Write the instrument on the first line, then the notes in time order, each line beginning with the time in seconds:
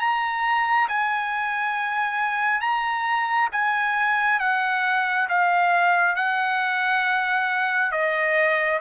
trumpet
0.00 A#5
0.89 G#5
2.61 A#5
3.53 G#5
4.40 F#5
5.29 F5
6.16 F#5
7.92 D#5